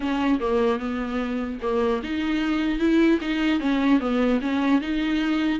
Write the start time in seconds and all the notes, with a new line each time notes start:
0.00 C#4
0.40 A#3
0.79 B3
1.62 A#3
2.03 D#4
2.79 E4
3.21 D#4
3.60 C#4
4.00 B3
4.41 C#4
4.81 D#4